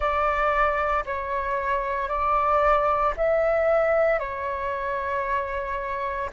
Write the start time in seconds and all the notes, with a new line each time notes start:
0.00 D5
1.05 C#5
2.08 D5
3.16 E5
4.19 C#5